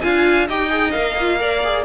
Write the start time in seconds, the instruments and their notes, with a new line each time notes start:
0.00 cello D4, viola F4, violin F5 G#5
0.47 cello D#4, viola G4, violin D#5 G5
0.69 viola G#4
0.91 cello A#3, viola A#4, violin F5
1.20 viola F4
1.39 viola A#4, violin D5
1.63 viola G#4